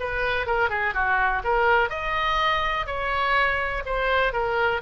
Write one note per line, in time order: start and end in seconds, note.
0.00 0.46 B4
0.46 0.70 A#4
0.70 0.94 G#4
0.94 1.43 F#4
1.44 1.90 A#4
1.90 2.86 D#5
2.86 3.83 C#5
3.86 4.33 C5
4.33 4.81 A#4